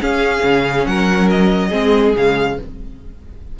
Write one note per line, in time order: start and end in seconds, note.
0.00 1.70 C#4
0.00 0.44 C#4
0.00 0.87 G#4
0.00 0.86 F5
0.44 0.86 C#3
0.86 1.72 F#3
0.86 1.68 A#4
0.86 1.29 F#5
1.30 2.15 D#5
1.68 2.16 G#3
1.68 2.14 C4
1.68 2.53 G#4
2.16 2.59 C#3
2.16 2.59 G#3
2.16 2.60 F5